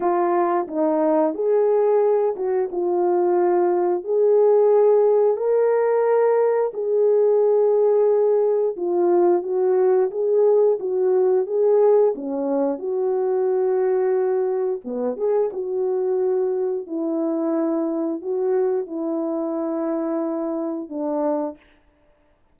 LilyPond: \new Staff \with { instrumentName = "horn" } { \time 4/4 \tempo 4 = 89 f'4 dis'4 gis'4. fis'8 | f'2 gis'2 | ais'2 gis'2~ | gis'4 f'4 fis'4 gis'4 |
fis'4 gis'4 cis'4 fis'4~ | fis'2 b8 gis'8 fis'4~ | fis'4 e'2 fis'4 | e'2. d'4 | }